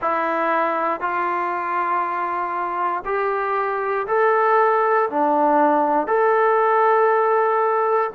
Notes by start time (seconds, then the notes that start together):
0.01 E4
1.00 F4
3.05 G4
4.07 A4
5.09 D4
6.07 A4